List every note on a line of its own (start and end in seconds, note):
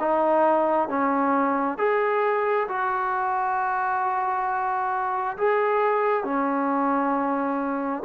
0.00 0.89 D#4
0.89 1.78 C#4
1.78 2.68 G#4
2.69 5.37 F#4
5.38 6.24 G#4
6.24 8.04 C#4